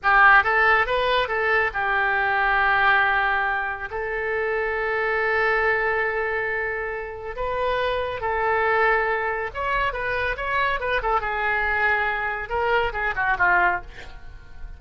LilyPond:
\new Staff \with { instrumentName = "oboe" } { \time 4/4 \tempo 4 = 139 g'4 a'4 b'4 a'4 | g'1~ | g'4 a'2.~ | a'1~ |
a'4 b'2 a'4~ | a'2 cis''4 b'4 | cis''4 b'8 a'8 gis'2~ | gis'4 ais'4 gis'8 fis'8 f'4 | }